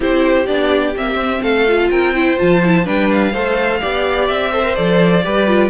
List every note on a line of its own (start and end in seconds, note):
0.00 0.47 C4
0.00 0.46 E4
0.00 1.42 G4
0.00 0.46 C5
0.46 0.95 B3
0.46 0.95 D4
0.46 0.94 D5
0.95 1.15 A#3
0.95 1.67 C4
0.95 1.43 E5
1.15 1.39 C4
1.42 1.89 A3
1.42 1.89 A4
1.42 1.90 F5
1.67 2.15 F4
1.90 2.38 C4
1.90 2.14 A#4
1.90 2.38 G5
2.15 2.37 E4
2.15 2.84 C5
2.37 2.87 F3
2.37 2.61 F4
2.37 2.86 A5
2.64 2.84 E4
2.84 3.33 G3
2.84 3.32 D4
2.84 3.32 B4
2.84 3.11 G5
3.11 4.27 F5
3.32 3.81 A3
3.32 3.80 A4
3.32 3.80 C5
3.80 4.29 B3
3.80 4.51 G4
3.80 4.51 D5
4.27 4.77 C4
4.27 4.75 E5
4.51 4.63 A4
4.51 5.23 C5
4.63 4.75 A#4
4.75 5.25 F3
4.75 5.22 A4
4.75 5.70 D5
5.23 5.70 G3
5.23 5.47 G4
5.23 5.70 B4
5.47 5.70 F4